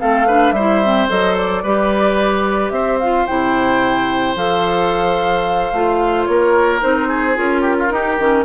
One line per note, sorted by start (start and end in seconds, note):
0.00 0.52 A3
0.00 0.27 C4
0.00 0.27 A4
0.00 0.53 F5
0.27 0.56 D4
0.27 0.55 B4
0.52 1.07 G3
0.52 1.64 C5
0.52 1.07 E5
0.59 0.85 E4
0.85 1.10 C4
1.10 1.64 F#3
1.10 1.65 A4
1.10 1.37 D#5
1.37 2.71 D5
1.64 2.71 G3
1.64 3.02 G4
1.64 2.73 B4
2.71 3.26 C4
2.71 6.29 C5
2.71 2.98 E5
3.00 3.28 F4
3.00 3.27 F5
3.27 4.36 C3
3.27 4.37 E4
3.27 4.36 G5
4.36 5.72 F3
4.36 5.74 A4
4.36 6.26 F5
5.73 6.27 A3
5.73 6.81 F4
6.26 6.83 A#3
6.26 7.09 A#4
6.26 6.80 C#5
6.81 7.38 C4
6.81 7.35 D#4
6.81 7.37 C5
7.09 7.62 G#4
7.35 7.90 C#4
7.35 7.90 F4
7.35 8.45 A#4
7.62 7.75 G4
7.79 7.93 F4
7.90 8.17 D#4
7.90 8.45 G4
8.19 8.45 D#3
8.19 8.45 C#4